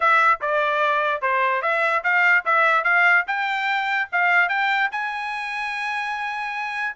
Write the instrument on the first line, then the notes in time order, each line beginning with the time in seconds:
trumpet
0.00 E5
0.41 D5
1.21 C5
1.62 E5
2.03 F5
2.45 E5
2.84 F5
3.27 G5
4.12 F5
4.48 G5
4.91 G#5